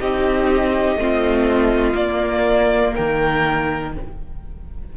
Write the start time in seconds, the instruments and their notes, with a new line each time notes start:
0.00 cello C4, viola D#4, violin G4 D#5
0.95 cello A3, viola C4, violin F4
1.92 viola A#3, cello A#3, violin D5
2.94 cello D#3, violin A#4 G5